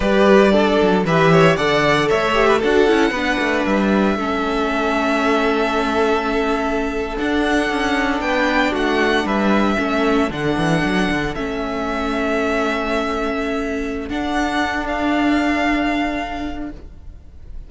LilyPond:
<<
  \new Staff \with { instrumentName = "violin" } { \time 4/4 \tempo 4 = 115 d''2 e''4 fis''4 | e''4 fis''2 e''4~ | e''1~ | e''4.~ e''16 fis''2 g''16~ |
g''8. fis''4 e''2 fis''16~ | fis''4.~ fis''16 e''2~ e''16~ | e''2. fis''4~ | fis''8 f''2.~ f''8 | }
  \new Staff \with { instrumentName = "violin" } { \time 4/4 b'4 a'4 b'8 cis''8 d''4 | cis''8. b'16 a'4 b'2 | a'1~ | a'2.~ a'8. b'16~ |
b'8. fis'4 b'4 a'4~ a'16~ | a'1~ | a'1~ | a'1 | }
  \new Staff \with { instrumentName = "viola" } { \time 4/4 g'4 d'4 g'4 a'4~ | a'8 g'8 fis'8 e'8 d'2 | cis'1~ | cis'4.~ cis'16 d'2~ d'16~ |
d'2~ d'8. cis'4 d'16~ | d'4.~ d'16 cis'2~ cis'16~ | cis'2. d'4~ | d'1 | }
  \new Staff \with { instrumentName = "cello" } { \time 4/4 g4. fis8 e4 d4 | a4 d'8 cis'8 b8 a8 g4 | a1~ | a4.~ a16 d'4 cis'4 b16~ |
b8. a4 g4 a4 d16~ | d16 e8 fis8 d8 a2~ a16~ | a2. d'4~ | d'1 | }
>>